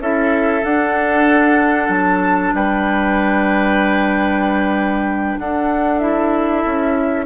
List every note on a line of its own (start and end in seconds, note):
0.00 0.63 C#4
0.00 0.63 E4
0.00 2.55 A4
0.00 0.65 E5
0.63 6.00 D4
0.63 1.89 D4
0.63 1.91 F#5
1.89 2.52 F#3
1.89 2.54 A5
2.54 5.38 G3
2.54 5.40 B4
2.54 5.40 G5
5.39 6.65 D4
5.39 7.26 A4
5.39 5.99 F#5
5.99 7.26 E4
5.99 7.25 E5
6.66 7.26 C#4